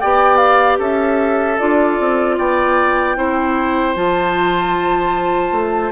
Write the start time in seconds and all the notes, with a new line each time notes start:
0.00 B3 G4 D5 G5
0.37 F5
0.79 C#4 A4 E5
1.59 D4 F4 D5
1.99 C4
2.38 B3 D5 G5
3.16 C4 E4 C5
3.95 F3 F4 A5
5.51 A3